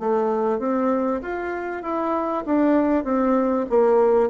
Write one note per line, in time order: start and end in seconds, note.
0.00 0.59 A3
0.59 1.21 C4
1.23 1.83 F4
1.83 2.45 E4
2.46 3.04 D4
3.04 3.66 C4
3.70 4.30 A#3